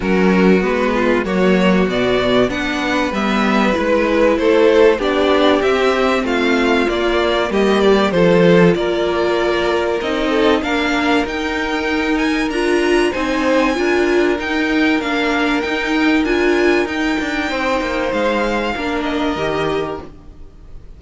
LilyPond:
<<
  \new Staff \with { instrumentName = "violin" } { \time 4/4 \tempo 4 = 96 ais'4 b'4 cis''4 d''4 | fis''4 e''4 b'4 c''4 | d''4 e''4 f''4 d''4 | dis''8 d''8 c''4 d''2 |
dis''4 f''4 g''4. gis''8 | ais''4 gis''2 g''4 | f''4 g''4 gis''4 g''4~ | g''4 f''4. dis''4. | }
  \new Staff \with { instrumentName = "violin" } { \time 4/4 fis'4. f'8 fis'2 | b'2. a'4 | g'2 f'2 | g'4 a'4 ais'2~ |
ais'8 a'8 ais'2.~ | ais'4 c''4 ais'2~ | ais'1 | c''2 ais'2 | }
  \new Staff \with { instrumentName = "viola" } { \time 4/4 cis'4 b4 ais4 b4 | d'4 b4 e'2 | d'4 c'2 ais4~ | ais4 f'2. |
dis'4 d'4 dis'2 | f'4 dis'4 f'4 dis'4 | d'4 dis'4 f'4 dis'4~ | dis'2 d'4 g'4 | }
  \new Staff \with { instrumentName = "cello" } { \time 4/4 fis4 gis4 fis4 b,4 | b4 g4 gis4 a4 | b4 c'4 a4 ais4 | g4 f4 ais2 |
c'4 ais4 dis'2 | d'4 c'4 d'4 dis'4 | ais4 dis'4 d'4 dis'8 d'8 | c'8 ais8 gis4 ais4 dis4 | }
>>